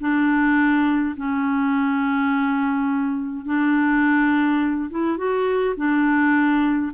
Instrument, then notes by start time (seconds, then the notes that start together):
clarinet
0.00 D4
1.16 C#4
3.46 D4
4.90 E4
5.17 F#4
5.77 D4